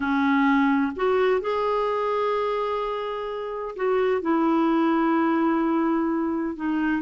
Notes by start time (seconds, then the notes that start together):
0.00 C#4
0.95 F#4
1.40 G#4
3.76 F#4
4.21 E4
6.55 D#4